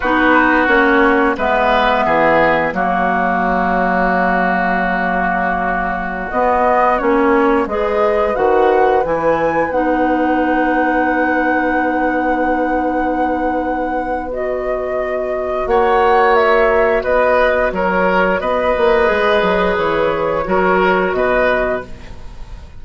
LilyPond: <<
  \new Staff \with { instrumentName = "flute" } { \time 4/4 \tempo 4 = 88 b'4 cis''4 e''2 | cis''1~ | cis''4~ cis''16 dis''4 cis''4 dis''8.~ | dis''16 fis''4 gis''4 fis''4.~ fis''16~ |
fis''1~ | fis''4 dis''2 fis''4 | e''4 dis''4 cis''4 dis''4~ | dis''4 cis''2 dis''4 | }
  \new Staff \with { instrumentName = "oboe" } { \time 4/4 fis'2 b'4 gis'4 | fis'1~ | fis'2.~ fis'16 b'8.~ | b'1~ |
b'1~ | b'2. cis''4~ | cis''4 b'4 ais'4 b'4~ | b'2 ais'4 b'4 | }
  \new Staff \with { instrumentName = "clarinet" } { \time 4/4 dis'4 cis'4 b2 | ais1~ | ais4~ ais16 b4 cis'4 gis'8.~ | gis'16 fis'4 e'4 dis'4.~ dis'16~ |
dis'1~ | dis'4 fis'2.~ | fis'1 | gis'2 fis'2 | }
  \new Staff \with { instrumentName = "bassoon" } { \time 4/4 b4 ais4 gis4 e4 | fis1~ | fis4~ fis16 b4 ais4 gis8.~ | gis16 dis4 e4 b4.~ b16~ |
b1~ | b2. ais4~ | ais4 b4 fis4 b8 ais8 | gis8 fis8 e4 fis4 b,4 | }
>>